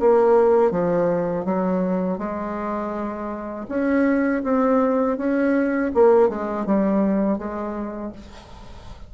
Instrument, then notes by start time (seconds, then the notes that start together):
bassoon
0.00 A#3
0.71 F3
1.45 F#3
2.18 G#3
3.69 C#4
4.43 C4
5.18 C#4
5.94 A#3
6.29 G#3
6.66 G3
7.38 G#3